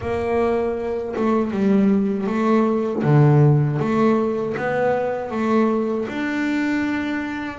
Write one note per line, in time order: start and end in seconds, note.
0.00 1.14 A#3
1.16 1.51 A3
1.51 2.26 G3
2.26 3.02 A3
3.03 3.79 D3
3.79 4.55 A3
4.57 5.30 B3
5.30 6.06 A3
6.08 7.58 D4